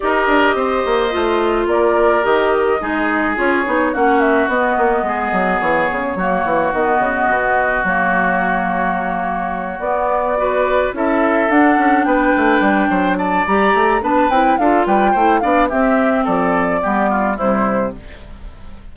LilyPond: <<
  \new Staff \with { instrumentName = "flute" } { \time 4/4 \tempo 4 = 107 dis''2. d''4 | dis''2 cis''4 fis''8 e''8 | dis''2 cis''2 | dis''2 cis''2~ |
cis''4. d''2 e''8~ | e''8 fis''4 g''2 a''8 | ais''4 a''8 g''8 f''8 g''4 f''8 | e''4 d''2 c''4 | }
  \new Staff \with { instrumentName = "oboe" } { \time 4/4 ais'4 c''2 ais'4~ | ais'4 gis'2 fis'4~ | fis'4 gis'2 fis'4~ | fis'1~ |
fis'2~ fis'8 b'4 a'8~ | a'4. b'4. c''8 d''8~ | d''4 b'4 a'8 b'8 c''8 d''8 | g'4 a'4 g'8 f'8 e'4 | }
  \new Staff \with { instrumentName = "clarinet" } { \time 4/4 g'2 f'2 | g'4 dis'4 f'8 dis'8 cis'4 | b2. ais4 | b2 ais2~ |
ais4. b4 fis'4 e'8~ | e'8 d'2.~ d'8 | g'4 d'8 e'8 f'4 e'8 d'8 | c'2 b4 g4 | }
  \new Staff \with { instrumentName = "bassoon" } { \time 4/4 dis'8 d'8 c'8 ais8 a4 ais4 | dis4 gis4 cis'8 b8 ais4 | b8 ais8 gis8 fis8 e8 cis8 fis8 e8 | dis8 cis8 b,4 fis2~ |
fis4. b2 cis'8~ | cis'8 d'8 cis'8 b8 a8 g8 fis4 | g8 a8 b8 c'8 d'8 g8 a8 b8 | c'4 f4 g4 c4 | }
>>